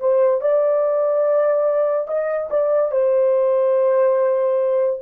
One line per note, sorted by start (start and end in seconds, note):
0.00 0.42 C5
0.42 2.08 D5
2.08 2.50 D#5
2.50 2.92 D5
2.92 5.00 C5